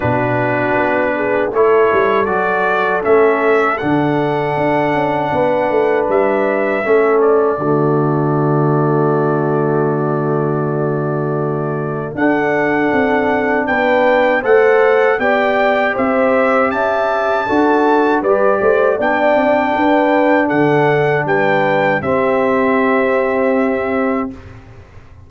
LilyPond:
<<
  \new Staff \with { instrumentName = "trumpet" } { \time 4/4 \tempo 4 = 79 b'2 cis''4 d''4 | e''4 fis''2. | e''4. d''2~ d''8~ | d''1 |
fis''2 g''4 fis''4 | g''4 e''4 a''2 | d''4 g''2 fis''4 | g''4 e''2. | }
  \new Staff \with { instrumentName = "horn" } { \time 4/4 fis'4. gis'8 a'2~ | a'2. b'4~ | b'4 a'4 fis'2~ | fis'1 |
a'2 b'4 c''4 | d''4 c''4 e''4 a'4 | b'8 c''8 d''4 b'4 a'4 | b'4 g'2. | }
  \new Staff \with { instrumentName = "trombone" } { \time 4/4 d'2 e'4 fis'4 | cis'4 d'2.~ | d'4 cis'4 a2~ | a1 |
d'2. a'4 | g'2. fis'4 | g'4 d'2.~ | d'4 c'2. | }
  \new Staff \with { instrumentName = "tuba" } { \time 4/4 b,4 b4 a8 g8 fis4 | a4 d4 d'8 cis'8 b8 a8 | g4 a4 d2~ | d1 |
d'4 c'4 b4 a4 | b4 c'4 cis'4 d'4 | g8 a8 b8 c'8 d'4 d4 | g4 c'2. | }
>>